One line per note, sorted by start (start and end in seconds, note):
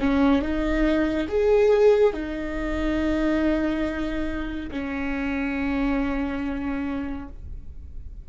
0.00 0.42 C#4
0.42 1.27 D#4
1.28 2.13 G#4
2.13 4.70 D#4
4.71 7.28 C#4